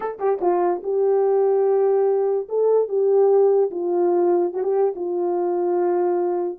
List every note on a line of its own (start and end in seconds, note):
0.00 0.18 A4
0.19 0.39 G4
0.41 0.82 F4
0.83 2.47 G4
2.49 2.88 A4
2.88 3.70 G4
3.70 4.53 F4
4.53 4.63 F#4
4.63 4.94 G4
4.95 6.58 F4